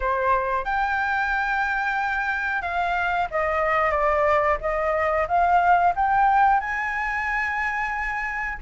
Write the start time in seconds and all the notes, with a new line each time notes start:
0.00 C5
0.64 G5
2.62 F5
3.30 D#5
3.91 D5
4.61 D#5
5.27 F5
5.95 G5
6.60 G#5